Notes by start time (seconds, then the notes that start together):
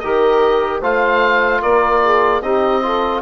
0.00 D#3 G4 A#4 D#5
0.81 A3 F4 C5 F5
1.60 A#3 A#4 D5
2.04 G#4
2.42 C4 D#4 G4 D#5
2.83 F4 A4